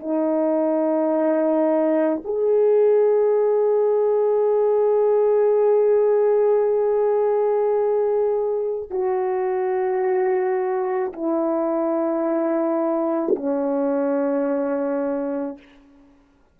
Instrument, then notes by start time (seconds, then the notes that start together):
horn
0.00 D#4
2.25 G#4
8.90 F#4
11.13 E4
13.36 C#4